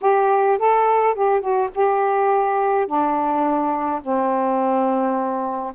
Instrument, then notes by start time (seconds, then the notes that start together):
saxophone
0.01 G4
0.58 A4
1.14 G4
1.40 F#4
1.74 G4
2.86 D4
4.02 C4